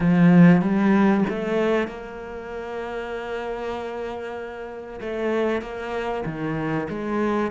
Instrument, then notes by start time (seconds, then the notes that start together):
cello
0.00 F3
0.61 G3
1.29 A3
1.87 A#3
5.00 A3
5.61 A#3
6.25 D#3
6.89 G#3